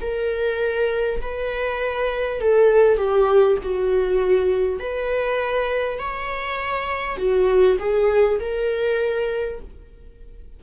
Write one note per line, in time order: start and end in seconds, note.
0.00 1.20 A#4
1.21 2.40 B4
2.40 2.97 A4
2.97 3.57 G4
3.63 4.79 F#4
4.79 5.98 B4
5.98 7.17 C#5
7.17 7.77 F#4
7.79 8.39 G#4
8.39 9.59 A#4